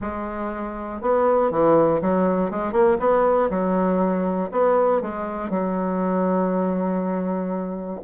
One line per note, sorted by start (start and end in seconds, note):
0.01 1.01 G#3
1.01 1.50 B3
1.50 2.00 E3
2.01 2.50 F#3
2.50 2.72 G#3
2.72 2.97 A#3
2.99 3.49 B3
3.50 4.50 F#3
4.51 5.01 B3
5.01 5.50 G#3
5.50 8.00 F#3